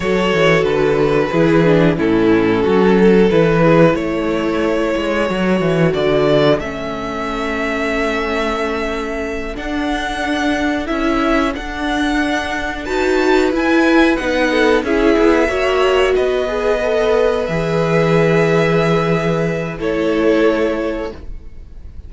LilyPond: <<
  \new Staff \with { instrumentName = "violin" } { \time 4/4 \tempo 4 = 91 cis''4 b'2 a'4~ | a'4 b'4 cis''2~ | cis''4 d''4 e''2~ | e''2~ e''8 fis''4.~ |
fis''8 e''4 fis''2 a''8~ | a''8 gis''4 fis''4 e''4.~ | e''8 dis''2 e''4.~ | e''2 cis''2 | }
  \new Staff \with { instrumentName = "violin" } { \time 4/4 a'2 gis'4 e'4 | fis'8 a'4 gis'8 a'2~ | a'1~ | a'1~ |
a'2.~ a'8 b'8~ | b'2 a'8 gis'4 cis''8~ | cis''8 b'2.~ b'8~ | b'2 a'2 | }
  \new Staff \with { instrumentName = "viola" } { \time 4/4 fis'2 e'8 d'8 cis'4~ | cis'4 e'2. | fis'2 cis'2~ | cis'2~ cis'8 d'4.~ |
d'8 e'4 d'2 fis'8~ | fis'8 e'4 dis'4 e'4 fis'8~ | fis'4 gis'8 a'4 gis'4.~ | gis'2 e'2 | }
  \new Staff \with { instrumentName = "cello" } { \time 4/4 fis8 e8 d4 e4 a,4 | fis4 e4 a4. gis8 | fis8 e8 d4 a2~ | a2~ a8 d'4.~ |
d'8 cis'4 d'2 dis'8~ | dis'8 e'4 b4 cis'8 b8 ais8~ | ais8 b2 e4.~ | e2 a2 | }
>>